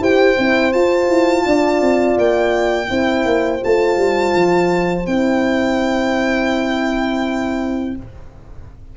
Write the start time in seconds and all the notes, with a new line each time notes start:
0.00 E4 G4 C5 G5
0.38 C4 E4
0.73 F4 A5
1.09 E4
1.46 D4 D5
1.81 C4
2.18 A#3 G5
2.88 C4 E4 C5
3.25 A#3
3.61 A3 F4 A5
3.97 G3
4.35 F3
5.06 C4 E4 G5